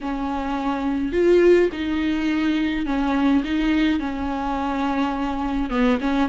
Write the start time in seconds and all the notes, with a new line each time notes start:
0.00 C#4
1.12 F4
1.72 D#4
2.85 C#4
3.43 D#4
3.99 C#4
5.69 B3
6.00 C#4